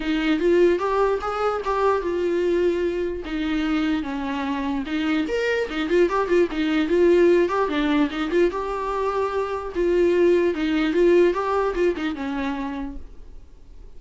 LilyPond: \new Staff \with { instrumentName = "viola" } { \time 4/4 \tempo 4 = 148 dis'4 f'4 g'4 gis'4 | g'4 f'2. | dis'2 cis'2 | dis'4 ais'4 dis'8 f'8 g'8 f'8 |
dis'4 f'4. g'8 d'4 | dis'8 f'8 g'2. | f'2 dis'4 f'4 | g'4 f'8 dis'8 cis'2 | }